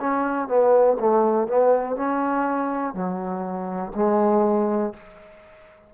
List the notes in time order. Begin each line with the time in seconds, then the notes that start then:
0.00 C#4
0.48 B3
1.00 A3
1.48 B3
1.96 C#4
2.94 F#3
3.95 G#3